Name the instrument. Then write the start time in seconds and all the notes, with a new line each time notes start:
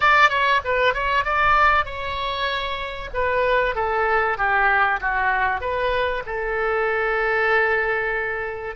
oboe
0.00 D5
0.29 C#5
0.64 B4
0.94 C#5
1.24 D5
1.85 C#5
3.13 B4
3.75 A4
4.37 G4
5.01 F#4
5.61 B4
6.26 A4